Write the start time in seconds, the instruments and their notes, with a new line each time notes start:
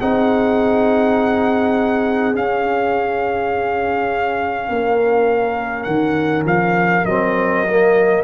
0.00 tuba C4, trombone D#4, horn G#4, trumpet F#5
2.35 trombone C#4, tuba C#4, trumpet F5
4.70 tuba A#3, horn A#4
5.84 tuba D#3, trumpet F#5
6.45 tuba F3, trumpet F5
7.06 tuba F#3, trombone C4, trumpet D#5
7.68 trombone A#3